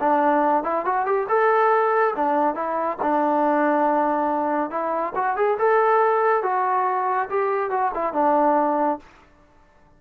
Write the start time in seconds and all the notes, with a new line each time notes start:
0.00 D4
0.64 E4
0.85 F#4
1.06 G4
1.29 A4
2.16 D4
2.55 E4
3.02 D4
4.71 E4
5.15 F#4
5.36 G#4
5.59 A4
6.43 F#4
7.30 G4
7.70 F#4
7.94 E4
8.14 D4